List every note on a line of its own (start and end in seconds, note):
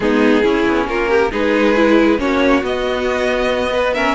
0.00 0.42 G#3
0.00 0.43 B3
0.00 0.43 D#4
0.00 0.87 G#4
0.43 1.30 C#4
0.43 0.66 C#4
0.43 0.87 E4
0.67 0.87 B3
0.87 1.31 A#3
0.87 1.09 F4
0.87 1.31 A#4
1.09 1.31 G4
1.31 2.18 G#3
1.31 1.75 D#4
1.31 2.18 G#4
1.31 2.19 B4
1.75 2.18 E4
2.18 2.62 A#3
2.18 2.62 C#4
2.18 3.72 F#4
2.18 2.63 C#5
2.62 3.93 B3
2.62 4.14 B3
2.62 3.94 D#5
3.72 3.93 B4
3.93 4.14 C#4
3.93 4.14 A#4
3.93 4.14 E5